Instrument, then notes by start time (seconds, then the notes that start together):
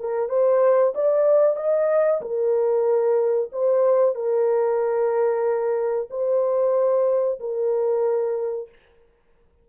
horn
0.00 A#4
0.29 C5
0.95 D5
1.57 D#5
2.21 A#4
3.52 C5
4.15 A#4
6.10 C5
7.40 A#4